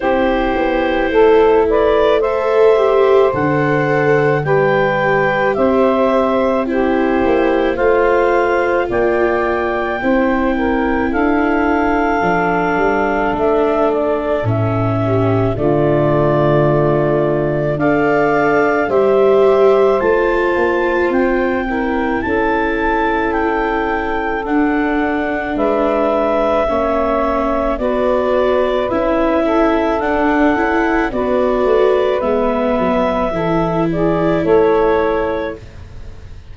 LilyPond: <<
  \new Staff \with { instrumentName = "clarinet" } { \time 4/4 \tempo 4 = 54 c''4. d''8 e''4 fis''4 | g''4 e''4 c''4 f''4 | g''2 f''2 | e''8 d''8 e''4 d''2 |
f''4 e''4 a''4 g''4 | a''4 g''4 fis''4 e''4~ | e''4 d''4 e''4 fis''4 | d''4 e''4. d''8 cis''4 | }
  \new Staff \with { instrumentName = "saxophone" } { \time 4/4 g'4 a'8 b'8 c''2 | b'4 c''4 g'4 c''4 | d''4 c''8 ais'8 a'2~ | a'4. g'8 f'2 |
d''4 c''2~ c''8 ais'8 | a'2. b'4 | cis''4 b'4. a'4. | b'2 a'8 gis'8 a'4 | }
  \new Staff \with { instrumentName = "viola" } { \time 4/4 e'2 a'8 g'8 a'4 | g'2 e'4 f'4~ | f'4 e'2 d'4~ | d'4 cis'4 a2 |
a'4 g'4 f'4. e'8~ | e'2 d'2 | cis'4 fis'4 e'4 d'8 e'8 | fis'4 b4 e'2 | }
  \new Staff \with { instrumentName = "tuba" } { \time 4/4 c'8 b8 a2 d4 | g4 c'4. ais8 a4 | ais4 c'4 d'4 f8 g8 | a4 a,4 d2 |
d'4 g4 a8 ais8 c'4 | cis'2 d'4 gis4 | ais4 b4 cis'4 d'8 cis'8 | b8 a8 gis8 fis8 e4 a4 | }
>>